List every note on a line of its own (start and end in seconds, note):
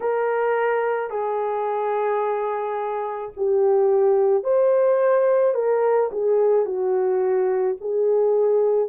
0.00 1.10 A#4
1.10 3.32 G#4
3.36 4.43 G4
4.43 5.54 C5
5.54 6.10 A#4
6.11 6.65 G#4
6.65 7.76 F#4
7.80 8.89 G#4